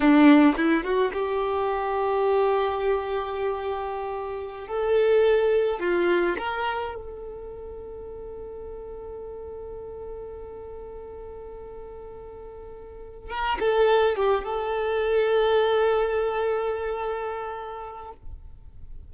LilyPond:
\new Staff \with { instrumentName = "violin" } { \time 4/4 \tempo 4 = 106 d'4 e'8 fis'8 g'2~ | g'1~ | g'16 a'2 f'4 ais'8.~ | ais'16 a'2.~ a'8.~ |
a'1~ | a'2.~ a'8 ais'8 | a'4 g'8 a'2~ a'8~ | a'1 | }